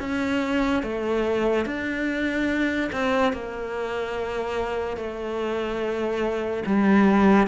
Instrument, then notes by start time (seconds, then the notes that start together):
cello
0.00 C#4
0.83 A3
1.66 D4
2.93 C4
3.33 A#3
4.97 A3
6.67 G3